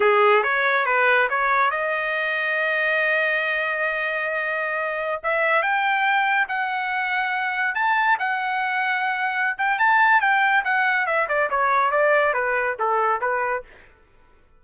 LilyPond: \new Staff \with { instrumentName = "trumpet" } { \time 4/4 \tempo 4 = 141 gis'4 cis''4 b'4 cis''4 | dis''1~ | dis''1~ | dis''16 e''4 g''2 fis''8.~ |
fis''2~ fis''16 a''4 fis''8.~ | fis''2~ fis''8 g''8 a''4 | g''4 fis''4 e''8 d''8 cis''4 | d''4 b'4 a'4 b'4 | }